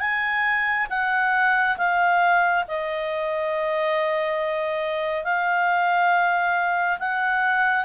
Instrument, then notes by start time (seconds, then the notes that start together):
clarinet
0.00 G#5
0.90 F#5
1.77 F5
2.68 D#5
5.25 F5
6.99 F#5